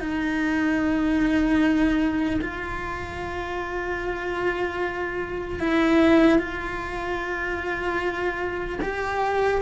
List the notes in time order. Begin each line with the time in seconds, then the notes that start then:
0.00 D#4
2.41 F4
5.60 E4
6.39 F4
8.81 G4